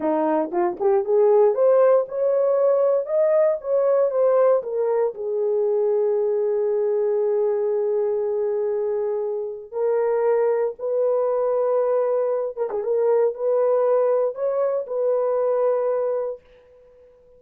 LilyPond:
\new Staff \with { instrumentName = "horn" } { \time 4/4 \tempo 4 = 117 dis'4 f'8 g'8 gis'4 c''4 | cis''2 dis''4 cis''4 | c''4 ais'4 gis'2~ | gis'1~ |
gis'2. ais'4~ | ais'4 b'2.~ | b'8 ais'16 gis'16 ais'4 b'2 | cis''4 b'2. | }